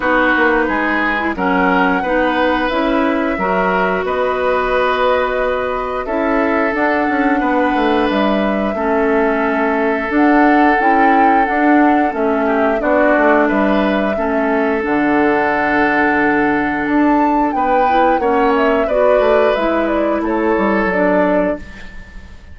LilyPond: <<
  \new Staff \with { instrumentName = "flute" } { \time 4/4 \tempo 4 = 89 b'2 fis''2 | e''2 dis''2~ | dis''4 e''4 fis''2 | e''2. fis''4 |
g''4 fis''4 e''4 d''4 | e''2 fis''2~ | fis''4 a''4 g''4 fis''8 e''8 | d''4 e''8 d''8 cis''4 d''4 | }
  \new Staff \with { instrumentName = "oboe" } { \time 4/4 fis'4 gis'4 ais'4 b'4~ | b'4 ais'4 b'2~ | b'4 a'2 b'4~ | b'4 a'2.~ |
a'2~ a'8 g'8 fis'4 | b'4 a'2.~ | a'2 b'4 cis''4 | b'2 a'2 | }
  \new Staff \with { instrumentName = "clarinet" } { \time 4/4 dis'4.~ dis'16 e'16 cis'4 dis'4 | e'4 fis'2.~ | fis'4 e'4 d'2~ | d'4 cis'2 d'4 |
e'4 d'4 cis'4 d'4~ | d'4 cis'4 d'2~ | d'2~ d'8 e'8 cis'4 | fis'4 e'2 d'4 | }
  \new Staff \with { instrumentName = "bassoon" } { \time 4/4 b8 ais8 gis4 fis4 b4 | cis'4 fis4 b2~ | b4 cis'4 d'8 cis'8 b8 a8 | g4 a2 d'4 |
cis'4 d'4 a4 b8 a8 | g4 a4 d2~ | d4 d'4 b4 ais4 | b8 a8 gis4 a8 g8 fis4 | }
>>